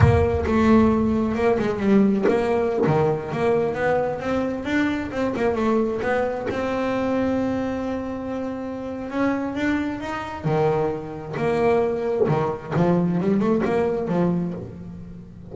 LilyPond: \new Staff \with { instrumentName = "double bass" } { \time 4/4 \tempo 4 = 132 ais4 a2 ais8 gis8 | g4 ais4~ ais16 dis4 ais8.~ | ais16 b4 c'4 d'4 c'8 ais16~ | ais16 a4 b4 c'4.~ c'16~ |
c'1 | cis'4 d'4 dis'4 dis4~ | dis4 ais2 dis4 | f4 g8 a8 ais4 f4 | }